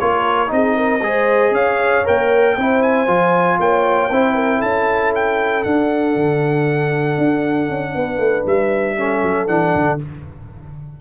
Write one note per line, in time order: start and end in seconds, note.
0.00 0.52 A#3
0.00 0.48 F4
0.00 0.53 A#4
0.00 0.51 C#5
0.48 1.02 C4
0.48 0.99 D#4
0.48 0.77 G#4
0.48 1.55 D#5
0.77 1.02 A#4
1.02 1.52 G#3
1.02 2.05 G#4
1.02 1.54 C5
1.52 2.03 C#4
1.52 2.56 C#5
1.52 2.06 F5
2.05 2.57 A#3
2.05 2.56 A#4
2.05 2.83 G5
2.57 3.08 C4
2.57 3.07 E4
2.57 3.59 C5
2.83 3.60 G#5
3.07 3.59 F3
3.07 4.10 F4
3.59 4.11 A#3
3.59 4.12 C#5
3.59 4.62 G5
4.12 4.63 C4
4.12 5.65 E4
4.12 4.35 C5
4.35 4.58 A#4
4.58 5.66 C#4
4.58 7.91 A4
4.58 5.13 A5
5.15 5.64 G5
5.64 8.98 D4
5.64 6.16 D4
5.64 8.46 F#5
6.16 7.18 D3
7.18 7.70 D4
7.70 7.96 C#4
7.95 8.19 B3
7.95 8.97 B4
8.19 8.44 A3
8.46 9.23 G3
8.46 9.48 E5
8.98 9.47 C#4
8.98 10.01 A4
9.23 9.49 F#3
9.47 9.74 E3
9.47 9.99 D4
9.47 9.99 F#5
9.75 10.01 D3